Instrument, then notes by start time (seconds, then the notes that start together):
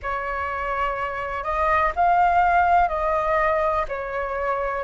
flute
0.02 C#5
1.43 D#5
1.95 F5
2.88 D#5
3.88 C#5